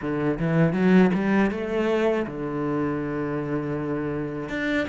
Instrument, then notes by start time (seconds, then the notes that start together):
cello
0.01 D3
0.39 E3
0.73 F#3
1.14 G3
1.50 A3
2.26 D3
4.49 D4